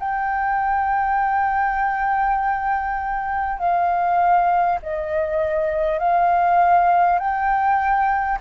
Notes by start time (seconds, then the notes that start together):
0.00 G5
3.59 F5
4.83 D#5
5.99 F5
7.19 G5